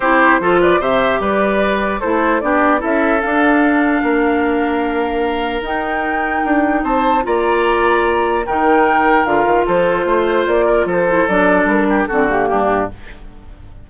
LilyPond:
<<
  \new Staff \with { instrumentName = "flute" } { \time 4/4 \tempo 4 = 149 c''4. d''8 e''4 d''4~ | d''4 c''4 d''4 e''4 | f''1~ | f''2 g''2~ |
g''4 a''4 ais''2~ | ais''4 g''2 f''4 | c''2 d''4 c''4 | d''4 ais'4 a'8 g'4. | }
  \new Staff \with { instrumentName = "oboe" } { \time 4/4 g'4 a'8 b'8 c''4 b'4~ | b'4 a'4 g'4 a'4~ | a'2 ais'2~ | ais'1~ |
ais'4 c''4 d''2~ | d''4 ais'2. | a'4 c''4. ais'8 a'4~ | a'4. g'8 fis'4 d'4 | }
  \new Staff \with { instrumentName = "clarinet" } { \time 4/4 e'4 f'4 g'2~ | g'4 e'4 d'4 e'4 | d'1~ | d'2 dis'2~ |
dis'2 f'2~ | f'4 dis'2 f'4~ | f'2.~ f'8 e'8 | d'2 c'8 ais4. | }
  \new Staff \with { instrumentName = "bassoon" } { \time 4/4 c'4 f4 c4 g4~ | g4 a4 b4 cis'4 | d'2 ais2~ | ais2 dis'2 |
d'4 c'4 ais2~ | ais4 dis2 d8 dis8 | f4 a4 ais4 f4 | fis4 g4 d4 g,4 | }
>>